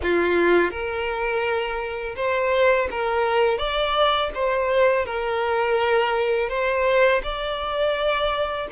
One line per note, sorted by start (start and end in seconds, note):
0.02 0.70 F4
0.70 2.15 A#4
2.16 2.88 C5
2.90 3.58 A#4
3.58 4.30 D5
4.34 5.05 C5
5.05 6.49 A#4
6.49 7.21 C5
7.23 8.67 D5